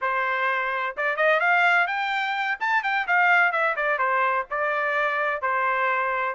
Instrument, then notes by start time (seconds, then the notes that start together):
trumpet
0.01 C5
0.96 D5
1.16 D#5
1.39 F5
1.87 G5
2.60 A5
2.83 G5
3.07 F5
3.52 E5
3.76 D5
3.98 C5
4.50 D5
5.41 C5